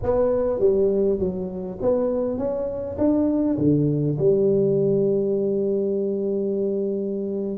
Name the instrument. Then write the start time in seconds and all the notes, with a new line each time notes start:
tuba
0.02 B3
0.59 G3
1.19 F#3
1.81 B3
2.38 C#4
2.98 D4
3.57 D3
4.18 G3